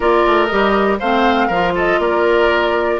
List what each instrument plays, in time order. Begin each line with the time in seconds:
0.00 bassoon A#3, clarinet F4, oboe A#4, flute D5
0.26 bassoon A3
0.46 bassoon G3, clarinet G4, flute D#5
0.99 bassoon A3, clarinet C4, oboe C5, flute F5
1.47 bassoon F3, clarinet F4, oboe A#4
1.75 oboe A4, flute D#5
1.98 bassoon A#3, oboe A#4, flute D5